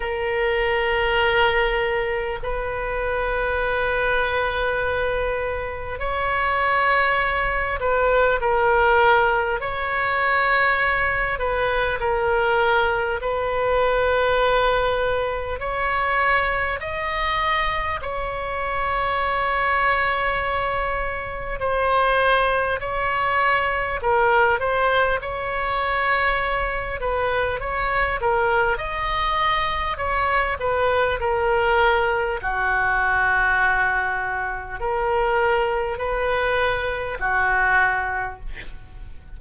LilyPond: \new Staff \with { instrumentName = "oboe" } { \time 4/4 \tempo 4 = 50 ais'2 b'2~ | b'4 cis''4. b'8 ais'4 | cis''4. b'8 ais'4 b'4~ | b'4 cis''4 dis''4 cis''4~ |
cis''2 c''4 cis''4 | ais'8 c''8 cis''4. b'8 cis''8 ais'8 | dis''4 cis''8 b'8 ais'4 fis'4~ | fis'4 ais'4 b'4 fis'4 | }